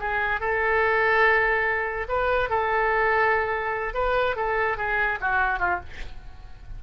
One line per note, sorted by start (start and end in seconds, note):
0.00 0.41 G#4
0.41 2.08 A4
2.09 2.50 B4
2.50 3.95 A4
3.95 4.36 B4
4.36 4.78 A4
4.78 5.19 G#4
5.21 5.59 F#4
5.59 5.80 F4